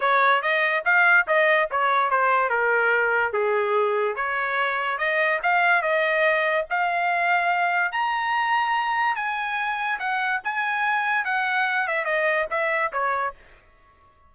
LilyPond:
\new Staff \with { instrumentName = "trumpet" } { \time 4/4 \tempo 4 = 144 cis''4 dis''4 f''4 dis''4 | cis''4 c''4 ais'2 | gis'2 cis''2 | dis''4 f''4 dis''2 |
f''2. ais''4~ | ais''2 gis''2 | fis''4 gis''2 fis''4~ | fis''8 e''8 dis''4 e''4 cis''4 | }